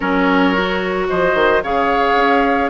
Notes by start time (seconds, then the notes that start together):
0.00 F#3 C#4 A#4 C#5
0.54 F#4
1.08 F3 C5 D#5
1.34 D#3
1.63 C#3 G#4 C#5 F5
2.15 C#4